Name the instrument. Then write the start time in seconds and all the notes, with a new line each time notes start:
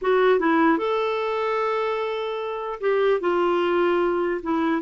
clarinet
0.01 F#4
0.39 E4
0.78 A4
2.80 G4
3.20 F4
4.43 E4